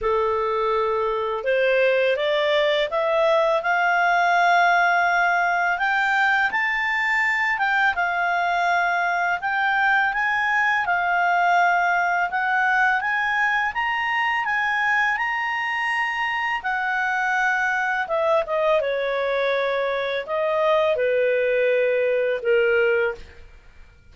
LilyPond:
\new Staff \with { instrumentName = "clarinet" } { \time 4/4 \tempo 4 = 83 a'2 c''4 d''4 | e''4 f''2. | g''4 a''4. g''8 f''4~ | f''4 g''4 gis''4 f''4~ |
f''4 fis''4 gis''4 ais''4 | gis''4 ais''2 fis''4~ | fis''4 e''8 dis''8 cis''2 | dis''4 b'2 ais'4 | }